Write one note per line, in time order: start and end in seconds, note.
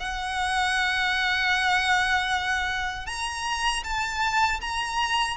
0.00 3.07 F#5
3.07 3.84 A#5
3.84 4.61 A5
4.61 5.37 A#5